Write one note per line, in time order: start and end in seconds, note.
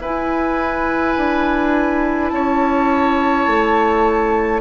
0.00 1.15 E4
0.00 4.62 E4
0.00 2.32 B4
0.00 2.29 G#5
1.18 2.32 D4
2.29 3.47 C#4
2.29 4.62 C#5
2.29 4.60 A5
3.47 4.62 A3